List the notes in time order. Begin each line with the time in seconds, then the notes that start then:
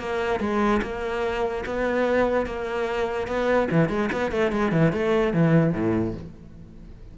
0.00 A#3
0.40 G#3
0.82 A#3
1.66 B3
2.46 A#3
3.27 B3
3.71 E3
3.89 G#3
4.12 B3
4.32 A3
4.52 G#3
4.72 E3
4.93 A3
5.34 E3
5.73 A2